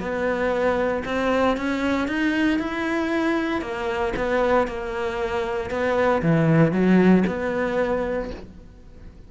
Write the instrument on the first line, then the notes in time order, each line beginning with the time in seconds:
cello
0.00 B3
1.05 C4
1.57 C#4
2.08 D#4
2.59 E4
3.62 A#3
4.16 B3
4.67 A#3
5.70 B3
6.22 E3
6.72 F#3
7.27 B3